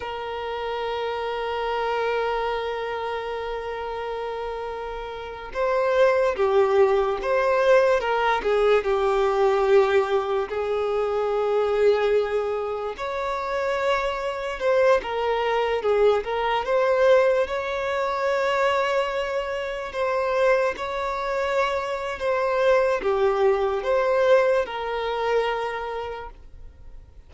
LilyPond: \new Staff \with { instrumentName = "violin" } { \time 4/4 \tempo 4 = 73 ais'1~ | ais'2~ ais'8. c''4 g'16~ | g'8. c''4 ais'8 gis'8 g'4~ g'16~ | g'8. gis'2. cis''16~ |
cis''4.~ cis''16 c''8 ais'4 gis'8 ais'16~ | ais'16 c''4 cis''2~ cis''8.~ | cis''16 c''4 cis''4.~ cis''16 c''4 | g'4 c''4 ais'2 | }